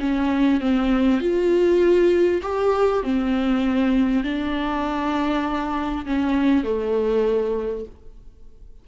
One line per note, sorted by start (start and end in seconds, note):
0.00 0.61 C#4
0.61 1.21 C4
1.21 2.42 F4
2.42 3.03 G4
3.03 4.24 C4
4.24 6.06 D4
6.06 6.64 C#4
6.64 7.85 A3